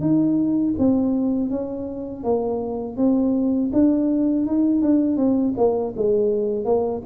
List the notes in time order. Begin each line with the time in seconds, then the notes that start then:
0.00 D#4
0.78 C4
1.49 C#4
2.23 A#3
2.97 C4
3.72 D4
4.46 D#4
4.81 D4
5.16 C4
5.57 A#3
5.96 G#3
6.64 A#3